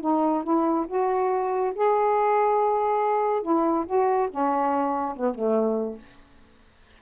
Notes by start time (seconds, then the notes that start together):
0.00 D#4
0.43 E4
0.87 F#4
1.75 G#4
3.42 E4
3.86 F#4
4.30 C#4
5.16 B3
5.34 A3